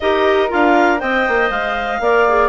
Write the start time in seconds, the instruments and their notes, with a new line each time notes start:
0.00 bassoon D#4, clarinet G4 D#5, flute A#4
0.48 bassoon D4, clarinet F4 F5
0.98 bassoon C4, clarinet C5 G5, flute D#5
1.28 bassoon A#3
1.49 bassoon G#3, clarinet F5
2.00 bassoon A#3, clarinet A#4, flute D5
2.28 clarinet G#4